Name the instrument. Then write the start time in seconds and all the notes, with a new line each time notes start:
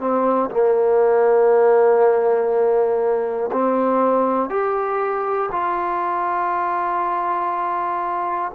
trombone
0.00 C4
0.51 A#3
3.53 C4
4.50 G4
5.52 F4